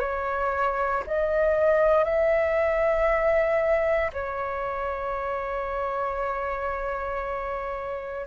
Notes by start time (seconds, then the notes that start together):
0.00 C#5
1.07 D#5
2.04 E5
4.13 C#5